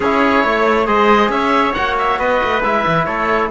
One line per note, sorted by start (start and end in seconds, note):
0.00 0.44 C#4
0.00 0.86 E4
0.00 0.43 G#4
0.00 0.86 C#5
0.43 0.87 A3
0.43 0.86 C#5
0.86 1.28 G#3
0.86 1.73 G#4
0.86 1.30 C5
0.86 1.30 D#5
1.28 1.72 C#4
1.28 2.19 C#5
1.28 1.73 E5
1.73 2.18 A#3
1.73 2.61 F#4
1.73 1.95 F#5
1.98 2.19 E5
2.18 2.40 B3
2.18 3.06 B4
2.18 2.63 D#5
2.43 2.63 A3
2.63 2.85 G#3
2.63 3.50 E4
2.63 3.04 E5
2.86 3.06 E3
3.04 3.50 A3
3.04 3.50 A4
3.04 3.48 C#5